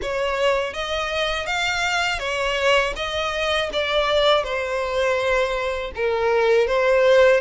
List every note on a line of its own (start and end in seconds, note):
0.02 0.73 C#5
0.73 1.46 D#5
1.46 2.19 F5
2.19 2.93 C#5
2.96 3.70 D#5
3.72 4.43 D5
4.43 5.91 C5
5.95 6.67 A#4
6.67 7.40 C5